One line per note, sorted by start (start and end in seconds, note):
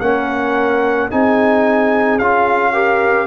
0.00 1.09 A#3
0.00 1.10 C#4
0.00 1.11 A#4
0.00 1.09 F#5
1.10 2.19 C4
1.10 2.20 D#4
1.10 2.72 G#4
1.10 2.18 G#5
2.18 3.27 C#4
2.18 2.73 F4
2.18 3.27 F5
2.72 3.27 G4
2.72 3.27 A#4